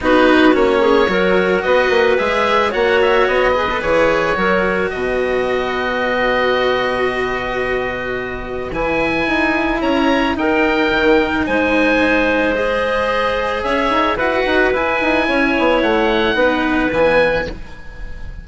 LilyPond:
<<
  \new Staff \with { instrumentName = "oboe" } { \time 4/4 \tempo 4 = 110 b'4 cis''2 dis''4 | e''4 fis''8 e''8 dis''4 cis''4~ | cis''4 dis''2.~ | dis''1 |
gis''2 ais''4 g''4~ | g''4 gis''2 dis''4~ | dis''4 e''4 fis''4 gis''4~ | gis''4 fis''2 gis''4 | }
  \new Staff \with { instrumentName = "clarinet" } { \time 4/4 fis'4. gis'8 ais'4 b'4~ | b'4 cis''4. b'4. | ais'4 b'2.~ | b'1~ |
b'2 cis''4 ais'4~ | ais'4 c''2.~ | c''4 cis''4 b'2 | cis''2 b'2 | }
  \new Staff \with { instrumentName = "cello" } { \time 4/4 dis'4 cis'4 fis'2 | gis'4 fis'4. gis'16 a'16 gis'4 | fis'1~ | fis'1 |
e'2. dis'4~ | dis'2. gis'4~ | gis'2 fis'4 e'4~ | e'2 dis'4 b4 | }
  \new Staff \with { instrumentName = "bassoon" } { \time 4/4 b4 ais4 fis4 b8 ais8 | gis4 ais4 b4 e4 | fis4 b,2.~ | b,1 |
e4 dis'4 cis'4 dis'4 | dis4 gis2.~ | gis4 cis'8 dis'8 e'8 dis'8 e'8 dis'8 | cis'8 b8 a4 b4 e4 | }
>>